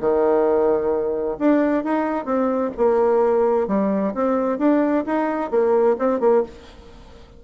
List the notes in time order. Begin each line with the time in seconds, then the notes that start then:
0.00 D#3
1.39 D4
1.84 D#4
2.25 C4
2.77 A#3
3.67 G3
4.14 C4
4.58 D4
5.06 D#4
5.50 A#3
5.99 C4
6.20 A#3